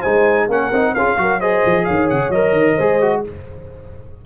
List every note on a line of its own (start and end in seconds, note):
0.00 0.49 G#3
0.00 0.50 D#4
0.00 0.46 C5
0.00 0.48 G#5
0.49 0.72 A#3
0.49 0.73 C#4
0.49 0.94 A#4
0.49 0.95 F#5
0.72 0.95 C4
0.72 0.97 D#4
0.95 1.17 C#4
0.95 1.18 F4
0.95 1.18 G#4
0.95 1.41 F5
1.17 1.63 F#3
1.17 1.41 F#4
1.17 1.40 A#4
1.40 2.33 G#4
1.40 1.85 C5
1.40 1.85 D#5
1.66 1.89 F3
1.85 2.12 D#3
1.85 2.76 C#5
1.85 2.08 F5
2.10 2.30 C#3
2.10 2.32 F#5
2.30 2.53 F#3
2.30 2.80 A#4
2.30 3.23 D#5
2.53 2.76 D#3
2.76 3.26 G#3
2.76 3.02 G#4
2.76 3.21 C5
3.02 3.25 F#4